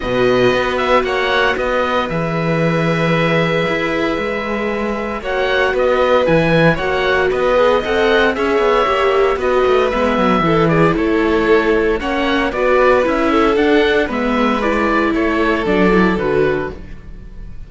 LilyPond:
<<
  \new Staff \with { instrumentName = "oboe" } { \time 4/4 \tempo 4 = 115 dis''4. e''8 fis''4 dis''4 | e''1~ | e''2 fis''4 dis''4 | gis''4 fis''4 dis''4 fis''4 |
e''2 dis''4 e''4~ | e''8 d''8 cis''2 fis''4 | d''4 e''4 fis''4 e''4 | d''4 cis''4 d''4 b'4 | }
  \new Staff \with { instrumentName = "violin" } { \time 4/4 b'2 cis''4 b'4~ | b'1~ | b'2 cis''4 b'4~ | b'4 cis''4 b'4 dis''4 |
cis''2 b'2 | a'8 gis'8 a'2 cis''4 | b'4. a'4. b'4~ | b'4 a'2. | }
  \new Staff \with { instrumentName = "viola" } { \time 4/4 fis'1 | gis'1~ | gis'2 fis'2 | e'4 fis'4. gis'8 a'4 |
gis'4 g'4 fis'4 b4 | e'2. cis'4 | fis'4 e'4 d'4 b4 | e'2 d'8 e'8 fis'4 | }
  \new Staff \with { instrumentName = "cello" } { \time 4/4 b,4 b4 ais4 b4 | e2. e'4 | gis2 ais4 b4 | e4 ais4 b4 c'4 |
cis'8 b8 ais4 b8 a8 gis8 fis8 | e4 a2 ais4 | b4 cis'4 d'4 gis4~ | gis4 a4 fis4 d4 | }
>>